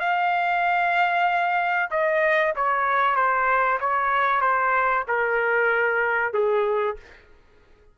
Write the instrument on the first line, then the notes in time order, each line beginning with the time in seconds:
trumpet
0.00 F5
1.91 D#5
2.56 C#5
3.16 C5
3.80 C#5
4.41 C5
5.08 A#4
6.34 G#4